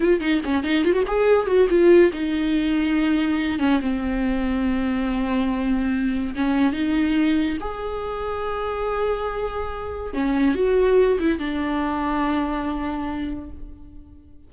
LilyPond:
\new Staff \with { instrumentName = "viola" } { \time 4/4 \tempo 4 = 142 f'8 dis'8 cis'8 dis'8 f'16 fis'16 gis'4 fis'8 | f'4 dis'2.~ | dis'8 cis'8 c'2.~ | c'2. cis'4 |
dis'2 gis'2~ | gis'1 | cis'4 fis'4. e'8 d'4~ | d'1 | }